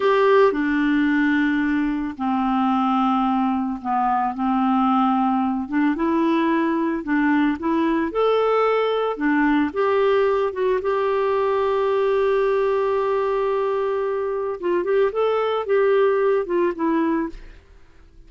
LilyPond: \new Staff \with { instrumentName = "clarinet" } { \time 4/4 \tempo 4 = 111 g'4 d'2. | c'2. b4 | c'2~ c'8 d'8 e'4~ | e'4 d'4 e'4 a'4~ |
a'4 d'4 g'4. fis'8 | g'1~ | g'2. f'8 g'8 | a'4 g'4. f'8 e'4 | }